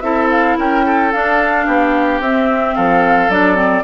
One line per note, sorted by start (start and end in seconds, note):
0.00 0.56 C4
0.00 1.12 E4
0.00 0.58 A4
0.00 0.27 E5
0.31 0.58 F5
0.58 1.13 C#4
0.58 0.85 A#4
0.58 1.12 G5
0.86 1.66 A4
1.12 2.22 D4
1.12 1.67 D4
1.12 2.21 F5
1.66 2.20 B3
1.66 2.75 G4
2.20 2.75 C4
2.20 3.31 C4
2.20 2.76 E5
2.75 3.29 F3
2.75 3.84 A4
2.75 3.30 F5
3.29 3.83 F#3
3.29 3.55 D4
3.29 3.84 D5
3.55 3.82 C4